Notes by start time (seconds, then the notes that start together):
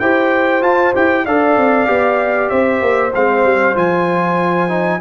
0.00 E4 G4 C5 G5
0.62 F4 A5
0.94 E4 G4 G5
1.26 D4 A4 D5 F5
1.57 C4
1.86 B3 G4
2.49 C4 C5 E5
2.82 A#3
3.15 G#3 C4 F5
3.44 G3
3.75 F3 F4 G#5
4.69 D#4